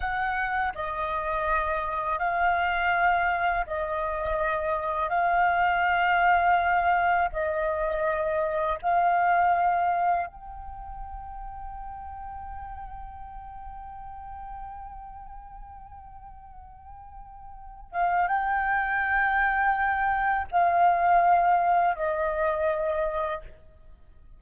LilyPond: \new Staff \with { instrumentName = "flute" } { \time 4/4 \tempo 4 = 82 fis''4 dis''2 f''4~ | f''4 dis''2 f''4~ | f''2 dis''2 | f''2 g''2~ |
g''1~ | g''1~ | g''8 f''8 g''2. | f''2 dis''2 | }